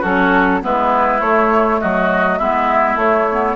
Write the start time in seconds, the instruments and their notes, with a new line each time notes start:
0.00 bassoon F#3, clarinet C#4, oboe F#4, flute A4
0.61 bassoon G#3, clarinet B3, oboe E4, flute B4
1.20 bassoon A3, clarinet A3, flute C#5
1.80 bassoon F#3, oboe F#4, flute D#5
2.38 bassoon G#3, clarinet B3, oboe E4, flute E5
2.95 bassoon A3, clarinet A3, flute C#5
3.31 clarinet B3